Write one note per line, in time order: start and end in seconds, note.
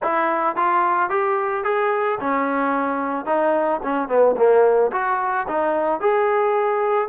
0.02 0.56 E4
0.56 1.09 F4
1.09 1.64 G4
1.64 2.18 G#4
2.20 3.25 C#4
3.25 3.80 D#4
3.83 4.08 C#4
4.08 4.35 B3
4.36 4.91 A#3
4.92 5.46 F#4
5.47 6.00 D#4
6.00 7.08 G#4